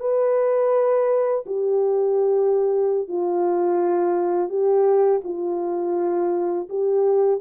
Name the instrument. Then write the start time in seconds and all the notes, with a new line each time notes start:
horn
0.00 B4
1.46 G4
3.08 F4
4.49 G4
5.24 F4
6.69 G4